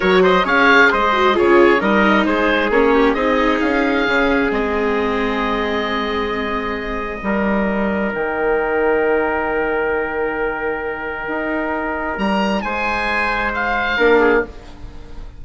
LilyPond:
<<
  \new Staff \with { instrumentName = "oboe" } { \time 4/4 \tempo 4 = 133 cis''8 dis''8 f''4 dis''4 cis''4 | dis''4 c''4 cis''4 dis''4 | f''2 dis''2~ | dis''1~ |
dis''2 g''2~ | g''1~ | g''2. ais''4 | gis''2 f''2 | }
  \new Staff \with { instrumentName = "trumpet" } { \time 4/4 ais'8 c''8 cis''4 c''4 gis'4 | ais'4 gis'4. g'8 gis'4~ | gis'1~ | gis'1 |
ais'1~ | ais'1~ | ais'1 | c''2. ais'8 gis'8 | }
  \new Staff \with { instrumentName = "viola" } { \time 4/4 fis'4 gis'4. fis'8 f'4 | dis'2 cis'4 dis'4~ | dis'4 cis'4 c'2~ | c'1 |
dis'1~ | dis'1~ | dis'1~ | dis'2. d'4 | }
  \new Staff \with { instrumentName = "bassoon" } { \time 4/4 fis4 cis'4 gis4 cis4 | g4 gis4 ais4 c'4 | cis'4 cis4 gis2~ | gis1 |
g2 dis2~ | dis1~ | dis4 dis'2 g4 | gis2. ais4 | }
>>